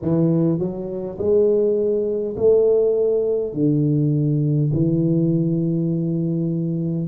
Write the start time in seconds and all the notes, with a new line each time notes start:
0.02 E3
0.58 F#3
1.18 G#3
2.36 A3
3.53 D3
4.73 E3